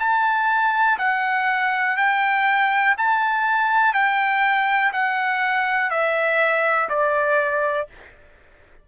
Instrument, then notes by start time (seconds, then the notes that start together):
trumpet
0.00 A5
0.99 F#5
1.97 G5
2.98 A5
3.94 G5
4.93 F#5
5.91 E5
6.90 D5